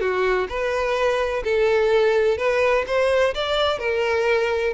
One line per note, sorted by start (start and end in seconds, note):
0.00 0.47 F#4
0.48 1.43 B4
1.43 2.37 A4
2.37 2.85 B4
2.86 3.34 C5
3.34 3.79 D5
3.79 4.73 A#4